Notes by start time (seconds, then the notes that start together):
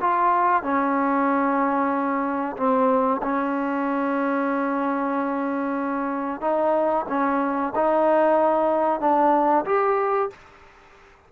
0.00 F4
0.62 C#4
2.56 C4
3.22 C#4
6.40 D#4
7.08 C#4
7.75 D#4
9.00 D4
9.65 G4